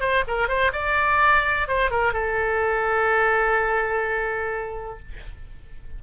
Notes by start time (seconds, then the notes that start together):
0.00 C5
0.27 A#4
0.48 C5
0.72 D5
1.68 C5
1.90 A#4
2.13 A4